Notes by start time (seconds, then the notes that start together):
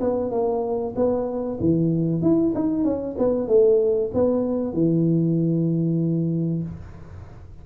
0.00 B3
0.31 A#3
0.96 B3
1.60 E3
2.22 E4
2.55 D#4
2.84 C#4
3.18 B3
3.48 A3
4.14 B3
4.73 E3